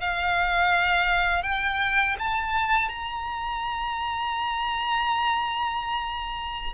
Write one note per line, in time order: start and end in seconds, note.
0.00 1.43 F5
1.43 2.16 G5
2.19 2.89 A5
2.89 6.73 A#5